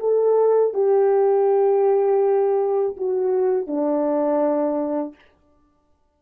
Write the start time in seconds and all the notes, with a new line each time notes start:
0.00 A4
0.74 G4
2.97 F#4
3.67 D4